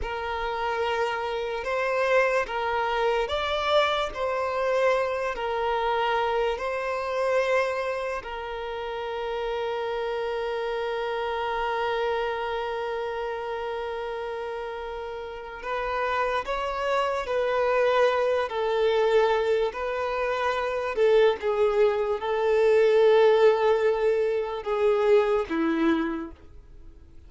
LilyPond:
\new Staff \with { instrumentName = "violin" } { \time 4/4 \tempo 4 = 73 ais'2 c''4 ais'4 | d''4 c''4. ais'4. | c''2 ais'2~ | ais'1~ |
ais'2. b'4 | cis''4 b'4. a'4. | b'4. a'8 gis'4 a'4~ | a'2 gis'4 e'4 | }